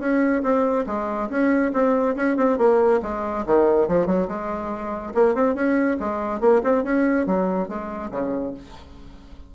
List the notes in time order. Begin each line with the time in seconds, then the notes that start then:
0.00 C#4
0.43 C4
0.87 G#3
1.30 C#4
1.73 C4
2.16 C#4
2.37 C4
2.58 A#3
3.03 G#3
3.46 D#3
3.88 F3
4.07 F#3
4.28 G#3
5.15 A#3
5.35 C4
5.55 C#4
6.00 G#3
6.41 A#3
6.64 C4
6.84 C#4
7.27 F#3
7.68 G#3
8.12 C#3